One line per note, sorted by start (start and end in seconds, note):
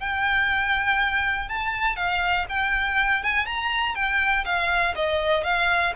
0.00 1.49 G5
1.49 1.96 A5
1.96 2.46 F5
2.49 3.23 G5
3.23 3.46 G#5
3.46 3.95 A#5
3.95 4.45 G5
4.45 4.95 F5
4.95 5.44 D#5
5.44 5.93 F5